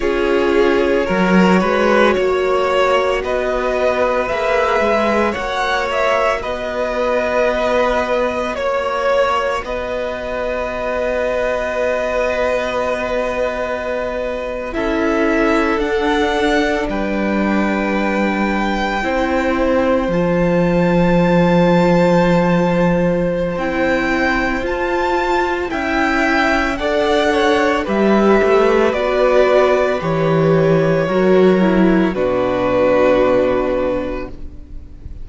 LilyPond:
<<
  \new Staff \with { instrumentName = "violin" } { \time 4/4 \tempo 4 = 56 cis''2. dis''4 | e''4 fis''8 e''8 dis''2 | cis''4 dis''2.~ | dis''4.~ dis''16 e''4 fis''4 g''16~ |
g''2~ g''8. a''4~ a''16~ | a''2 g''4 a''4 | g''4 fis''4 e''4 d''4 | cis''2 b'2 | }
  \new Staff \with { instrumentName = "violin" } { \time 4/4 gis'4 ais'8 b'8 cis''4 b'4~ | b'4 cis''4 b'2 | cis''4 b'2.~ | b'4.~ b'16 a'2 b'16~ |
b'4.~ b'16 c''2~ c''16~ | c''1 | e''4 d''8 cis''8 b'2~ | b'4 ais'4 fis'2 | }
  \new Staff \with { instrumentName = "viola" } { \time 4/4 f'4 fis'2. | gis'4 fis'2.~ | fis'1~ | fis'4.~ fis'16 e'4 d'4~ d'16~ |
d'4.~ d'16 e'4 f'4~ f'16~ | f'2 e'4 f'4 | e'4 a'4 g'4 fis'4 | g'4 fis'8 e'8 d'2 | }
  \new Staff \with { instrumentName = "cello" } { \time 4/4 cis'4 fis8 gis8 ais4 b4 | ais8 gis8 ais4 b2 | ais4 b2.~ | b4.~ b16 cis'4 d'4 g16~ |
g4.~ g16 c'4 f4~ f16~ | f2 c'4 f'4 | cis'4 d'4 g8 a8 b4 | e4 fis4 b,2 | }
>>